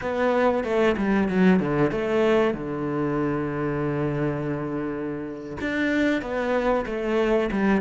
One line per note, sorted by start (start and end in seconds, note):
0.01 0.64 B3
0.64 0.95 A3
0.97 1.28 G3
1.28 1.59 F#3
1.59 1.91 D3
1.91 2.54 A3
2.54 5.57 D3
5.61 6.21 D4
6.21 6.85 B3
6.86 7.50 A3
7.51 7.81 G3